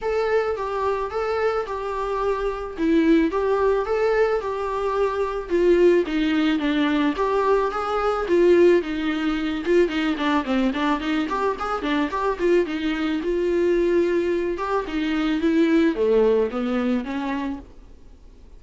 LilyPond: \new Staff \with { instrumentName = "viola" } { \time 4/4 \tempo 4 = 109 a'4 g'4 a'4 g'4~ | g'4 e'4 g'4 a'4 | g'2 f'4 dis'4 | d'4 g'4 gis'4 f'4 |
dis'4. f'8 dis'8 d'8 c'8 d'8 | dis'8 g'8 gis'8 d'8 g'8 f'8 dis'4 | f'2~ f'8 g'8 dis'4 | e'4 a4 b4 cis'4 | }